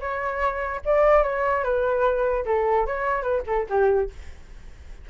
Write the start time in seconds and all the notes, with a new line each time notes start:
0.00 C#5
0.85 D5
1.23 C#5
1.64 B4
2.46 A4
2.86 C#5
3.22 B4
3.47 A4
3.69 G4